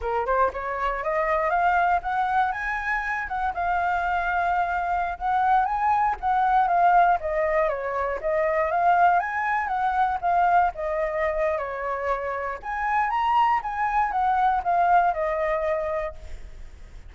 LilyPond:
\new Staff \with { instrumentName = "flute" } { \time 4/4 \tempo 4 = 119 ais'8 c''8 cis''4 dis''4 f''4 | fis''4 gis''4. fis''8 f''4~ | f''2~ f''16 fis''4 gis''8.~ | gis''16 fis''4 f''4 dis''4 cis''8.~ |
cis''16 dis''4 f''4 gis''4 fis''8.~ | fis''16 f''4 dis''4.~ dis''16 cis''4~ | cis''4 gis''4 ais''4 gis''4 | fis''4 f''4 dis''2 | }